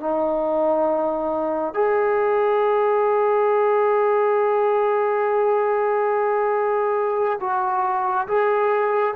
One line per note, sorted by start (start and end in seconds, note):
0.00 1.74 D#4
1.74 7.39 G#4
7.40 8.27 F#4
8.28 9.15 G#4